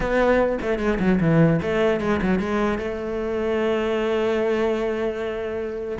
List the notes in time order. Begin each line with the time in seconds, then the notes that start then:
0.00 B3
0.61 A3
0.78 G#3
0.99 F#3
1.20 E3
1.62 A3
2.00 G#3
2.22 F#3
2.39 G#3
2.78 A3